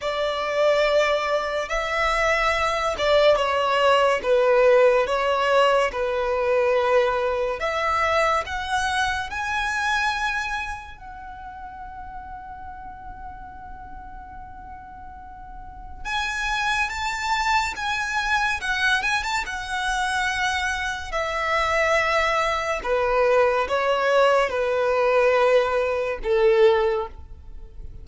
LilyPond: \new Staff \with { instrumentName = "violin" } { \time 4/4 \tempo 4 = 71 d''2 e''4. d''8 | cis''4 b'4 cis''4 b'4~ | b'4 e''4 fis''4 gis''4~ | gis''4 fis''2.~ |
fis''2. gis''4 | a''4 gis''4 fis''8 gis''16 a''16 fis''4~ | fis''4 e''2 b'4 | cis''4 b'2 a'4 | }